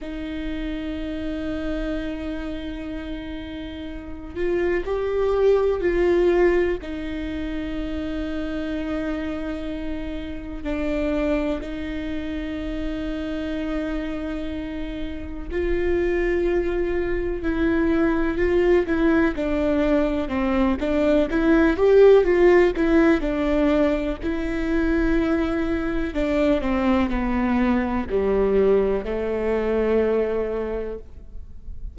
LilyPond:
\new Staff \with { instrumentName = "viola" } { \time 4/4 \tempo 4 = 62 dis'1~ | dis'8 f'8 g'4 f'4 dis'4~ | dis'2. d'4 | dis'1 |
f'2 e'4 f'8 e'8 | d'4 c'8 d'8 e'8 g'8 f'8 e'8 | d'4 e'2 d'8 c'8 | b4 g4 a2 | }